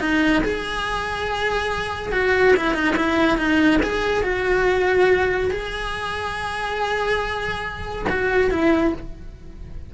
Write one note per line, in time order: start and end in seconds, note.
0.00 0.43 D#4
0.43 2.12 G#4
2.12 2.54 F#4
2.56 2.74 E4
2.74 2.95 D#4
2.96 3.38 E4
3.38 3.80 D#4
3.83 4.23 G#4
4.23 5.51 F#4
5.51 8.06 G#4
8.09 8.50 F#4
8.50 8.93 E4